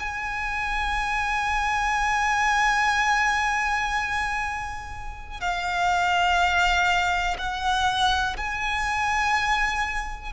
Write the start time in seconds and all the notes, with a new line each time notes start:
0.00 G#5
5.41 F5
7.38 F#5
8.37 G#5